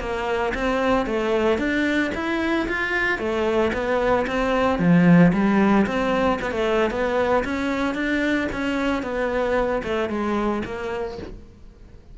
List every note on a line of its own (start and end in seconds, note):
0.00 0.53 A#3
0.55 1.06 C4
1.06 1.58 A3
1.58 2.11 D4
2.15 2.68 E4
2.68 3.19 F4
3.19 3.72 A3
3.73 4.26 B3
4.27 4.79 C4
4.79 5.32 F3
5.33 5.86 G3
5.87 6.40 C4
6.42 6.51 B3
6.51 6.91 A3
6.91 7.44 B3
7.45 7.95 C#4
7.95 8.48 D4
8.53 9.03 C#4
9.03 9.82 B3
9.84 10.10 A3
10.10 10.63 G#3
10.65 11.18 A#3